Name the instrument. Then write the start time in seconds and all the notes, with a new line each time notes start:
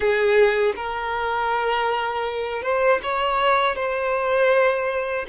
violin
0.00 G#4
0.76 A#4
2.62 C5
3.02 C#5
3.75 C5